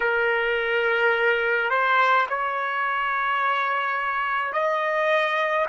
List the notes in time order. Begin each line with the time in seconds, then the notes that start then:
0.00 A#4
1.70 C5
2.29 C#5
4.52 D#5